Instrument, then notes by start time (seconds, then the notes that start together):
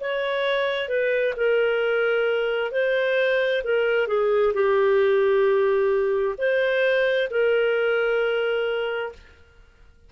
clarinet
0.00 C#5
0.88 B4
1.36 A#4
2.71 C5
3.63 A#4
4.07 G#4
4.54 G4
6.38 C5
7.30 A#4